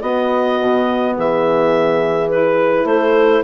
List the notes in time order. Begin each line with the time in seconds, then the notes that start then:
0.00 B3 F#4 D#5
0.61 B2
1.17 E3 G#4 E5
2.30 E4 B4
2.85 A3 A4 C5